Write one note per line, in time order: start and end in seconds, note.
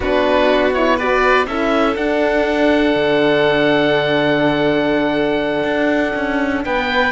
0.00 1.46 B3
0.00 0.74 D4
0.00 0.96 F#4
0.00 0.73 B4
0.73 0.98 E4
0.73 0.98 C#5
0.96 1.48 F#4
0.96 1.46 B4
0.96 1.46 D5
1.46 1.96 C#4
1.46 1.95 E4
1.46 6.64 A4
1.46 1.95 E5
1.95 7.11 D4
1.95 2.94 D4
1.95 6.63 F#5
2.95 5.63 D3
5.63 6.12 D4
6.15 6.64 C#4
6.64 7.11 B3
6.64 7.11 B4
6.64 7.11 G5